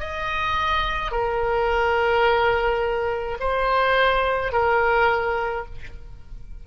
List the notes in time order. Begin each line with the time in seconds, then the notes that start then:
0.00 D#5
1.12 A#4
3.40 C5
4.52 A#4